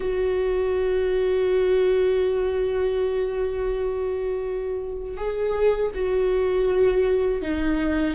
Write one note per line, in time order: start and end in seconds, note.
0.00 5.17 F#4
5.17 5.91 G#4
5.94 7.42 F#4
7.42 8.14 D#4